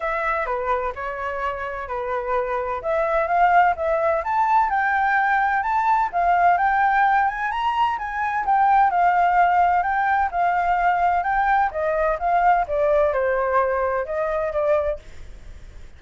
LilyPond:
\new Staff \with { instrumentName = "flute" } { \time 4/4 \tempo 4 = 128 e''4 b'4 cis''2 | b'2 e''4 f''4 | e''4 a''4 g''2 | a''4 f''4 g''4. gis''8 |
ais''4 gis''4 g''4 f''4~ | f''4 g''4 f''2 | g''4 dis''4 f''4 d''4 | c''2 dis''4 d''4 | }